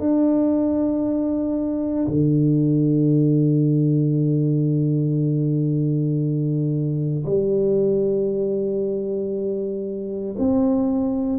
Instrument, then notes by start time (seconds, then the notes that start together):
tuba
0.00 D4
2.08 D3
7.26 G3
10.39 C4